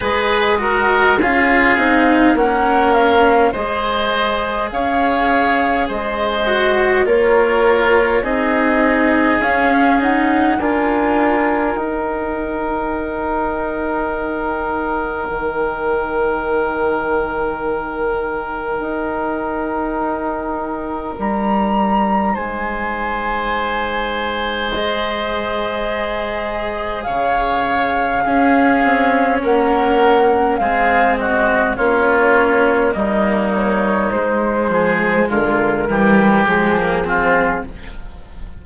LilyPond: <<
  \new Staff \with { instrumentName = "flute" } { \time 4/4 \tempo 4 = 51 dis''4 f''4 fis''8 f''8 dis''4 | f''4 dis''4 cis''4 dis''4 | f''8 fis''8 gis''4 g''2~ | g''1~ |
g''2 ais''4 gis''4~ | gis''4 dis''2 f''4~ | f''4 fis''4 f''8 dis''8 cis''4 | dis''8 cis''8 c''4 ais'4 gis'4 | }
  \new Staff \with { instrumentName = "oboe" } { \time 4/4 b'8 ais'8 gis'4 ais'4 c''4 | cis''4 c''4 ais'4 gis'4~ | gis'4 ais'2.~ | ais'1~ |
ais'2. c''4~ | c''2. cis''4 | gis'4 ais'4 gis'8 fis'8 f'4 | dis'4. gis'8 f'8 g'4 f'8 | }
  \new Staff \with { instrumentName = "cello" } { \time 4/4 gis'8 fis'8 f'8 dis'8 cis'4 gis'4~ | gis'4. fis'8 f'4 dis'4 | cis'8 dis'8 f'4 dis'2~ | dis'1~ |
dis'1~ | dis'4 gis'2. | cis'2 c'4 cis'4 | ais4 gis4. g8 gis16 ais16 c'8 | }
  \new Staff \with { instrumentName = "bassoon" } { \time 4/4 gis4 cis'8 c'8 ais4 gis4 | cis'4 gis4 ais4 c'4 | cis'4 d'4 dis'2~ | dis'4 dis2. |
dis'2 g4 gis4~ | gis2. cis4 | cis'8 c'8 ais4 gis4 ais4 | g4 gis8 f8 d8 e8 f4 | }
>>